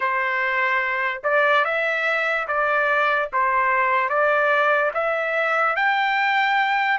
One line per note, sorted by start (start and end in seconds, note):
0.00 1.21 C5
1.23 1.64 D5
1.64 2.47 E5
2.47 3.29 D5
3.33 4.09 C5
4.09 4.91 D5
4.94 5.75 E5
5.75 6.98 G5